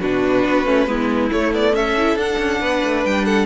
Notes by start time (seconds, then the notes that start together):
0.00 B2 D4 F#4 B4
0.45 B3
0.66 A3 C#4
0.87 G#3 B3 E4
1.32 A3 C#5
1.52 B3 D5
1.73 C#4 A4 E5
1.98 E4
2.16 D4 F#5
2.39 C#4
2.61 B3 B4
2.84 A3
3.05 G3 G5
3.25 A4 F#5